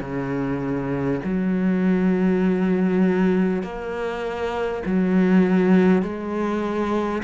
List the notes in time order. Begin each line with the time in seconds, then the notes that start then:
0.00 C#3
1.24 F#3
3.63 A#3
4.85 F#3
6.02 G#3